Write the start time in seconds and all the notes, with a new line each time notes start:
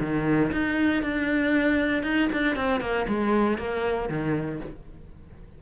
0.00 D#3
0.52 D#4
1.02 D4
2.03 D#4
2.32 D4
2.55 C4
2.80 A#3
3.07 G#3
3.58 A#3
4.09 D#3